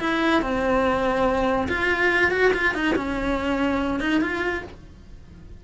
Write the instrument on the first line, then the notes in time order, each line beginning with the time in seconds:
cello
0.00 E4
0.42 C4
1.68 F4
2.31 F#4
2.53 F4
2.74 D#4
2.95 C#4
4.00 D#4
4.21 F4